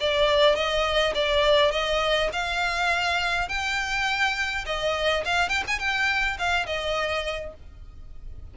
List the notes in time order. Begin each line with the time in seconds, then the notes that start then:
0.00 D5
0.55 D#5
1.15 D5
1.71 D#5
2.32 F5
3.48 G5
4.66 D#5
5.25 F5
5.49 G5
5.67 G#5
5.79 G5
6.39 F5
6.66 D#5